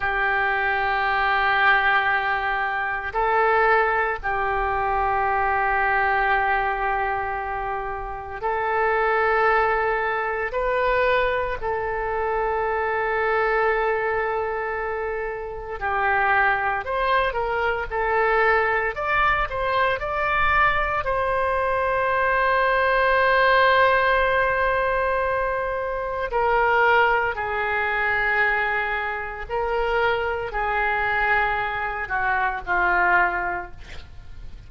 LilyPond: \new Staff \with { instrumentName = "oboe" } { \time 4/4 \tempo 4 = 57 g'2. a'4 | g'1 | a'2 b'4 a'4~ | a'2. g'4 |
c''8 ais'8 a'4 d''8 c''8 d''4 | c''1~ | c''4 ais'4 gis'2 | ais'4 gis'4. fis'8 f'4 | }